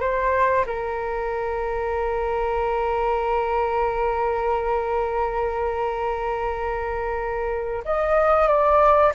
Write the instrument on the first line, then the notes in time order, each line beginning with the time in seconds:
flute
0.00 C5
0.66 A#4
7.85 D#5
8.48 D5